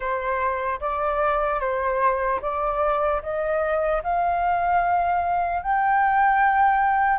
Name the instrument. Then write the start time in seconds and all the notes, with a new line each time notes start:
flute
0.00 C5
0.80 D5
1.60 C5
2.41 D5
3.22 D#5
4.03 F5
5.62 G5